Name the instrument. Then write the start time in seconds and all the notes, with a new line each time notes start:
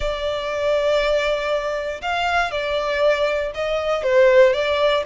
violin
0.00 D5
2.01 F5
2.51 D5
3.54 D#5
4.03 C5
4.53 D5